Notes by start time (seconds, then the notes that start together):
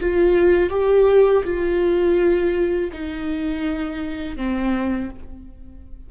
0.00 F4
0.70 G4
1.44 F4
2.92 D#4
4.36 C4